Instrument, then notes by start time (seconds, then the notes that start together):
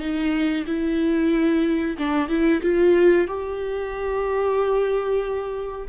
viola
0.00 D#4
0.67 E4
1.99 D4
2.29 E4
2.63 F4
3.28 G4